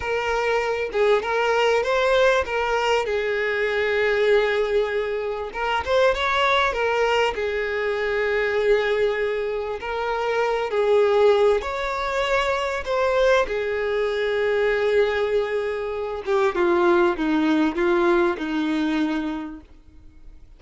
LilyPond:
\new Staff \with { instrumentName = "violin" } { \time 4/4 \tempo 4 = 98 ais'4. gis'8 ais'4 c''4 | ais'4 gis'2.~ | gis'4 ais'8 c''8 cis''4 ais'4 | gis'1 |
ais'4. gis'4. cis''4~ | cis''4 c''4 gis'2~ | gis'2~ gis'8 g'8 f'4 | dis'4 f'4 dis'2 | }